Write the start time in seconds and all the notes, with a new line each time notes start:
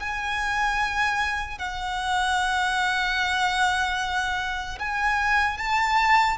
0.00 G#5
1.59 F#5
4.79 G#5
5.57 A5